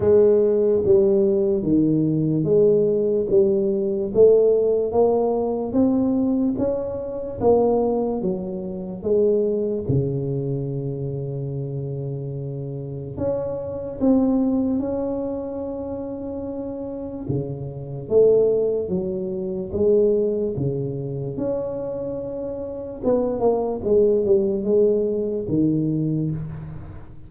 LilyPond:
\new Staff \with { instrumentName = "tuba" } { \time 4/4 \tempo 4 = 73 gis4 g4 dis4 gis4 | g4 a4 ais4 c'4 | cis'4 ais4 fis4 gis4 | cis1 |
cis'4 c'4 cis'2~ | cis'4 cis4 a4 fis4 | gis4 cis4 cis'2 | b8 ais8 gis8 g8 gis4 dis4 | }